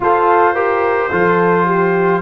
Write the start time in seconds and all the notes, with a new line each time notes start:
0.00 F4 A4 C5
0.54 G4 A#4
1.11 F3 F4 A4
1.65 G4